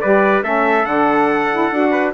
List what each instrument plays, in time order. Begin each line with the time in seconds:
0.00 bassoon G3, saxophone G4, trumpet B4 D5
0.42 bassoon A3, saxophone C#4, trumpet A4 E5
0.85 bassoon D3, saxophone D4, trumpet F#5
1.51 saxophone E4
1.71 bassoon D4, saxophone F#4
1.90 trumpet B4